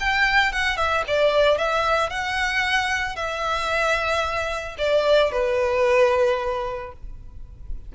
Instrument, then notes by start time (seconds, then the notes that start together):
violin
0.00 G5
0.53 F#5
0.77 E5
1.08 D5
1.58 E5
2.10 F#5
3.16 E5
4.78 D5
5.32 B4